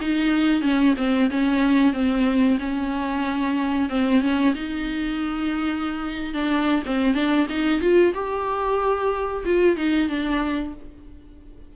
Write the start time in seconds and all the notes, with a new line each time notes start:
0.00 D#4
0.61 C#4
0.97 C4
1.30 C#4
1.92 C4
2.59 C#4
3.89 C4
4.21 C#4
4.54 D#4
6.33 D4
6.85 C4
7.14 D4
7.49 D#4
7.81 F4
8.13 G4
9.44 F4
9.76 D#4
10.08 D4